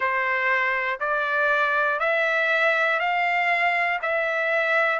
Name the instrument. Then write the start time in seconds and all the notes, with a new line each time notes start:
trumpet
0.00 C5
1.00 D5
2.00 E5
2.99 F5
4.02 E5